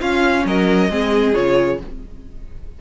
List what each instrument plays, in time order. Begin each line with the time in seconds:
0.00 viola C#4, cello C#4, violin F4 F5
0.45 cello F#3, violin A#4 D#5
0.89 cello G#3, viola C4, violin G#4
1.34 cello C#3, viola F4, violin C#5